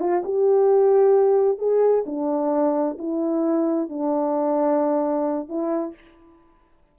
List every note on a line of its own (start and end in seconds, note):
0.00 0.23 F4
0.25 1.59 G4
1.59 2.04 G#4
2.06 2.98 D4
2.99 3.89 E4
3.89 5.49 D4
5.49 5.95 E4